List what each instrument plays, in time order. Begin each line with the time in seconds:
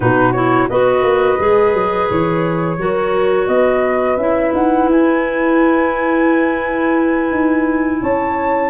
0.00 tuba B2, clarinet D#4, horn F#4, flute B4
0.32 clarinet E4, flute C#5
0.68 tuba B3, clarinet F#4, horn B4, flute D#5
1.02 tuba A#3
1.38 tuba G#3, clarinet G#4
1.73 tuba F#3
2.10 tuba E3, flute C#5
2.78 tuba F#3, clarinet F#4, horn A#4
3.47 tuba B3, horn B4, flute D#5
4.17 tuba C#4, clarinet E4, flute E5
4.53 tuba D#4, flute F#5
4.87 tuba E4, flute G#5
7.31 tuba D#4
8.01 tuba C#4, horn C#5, flute A5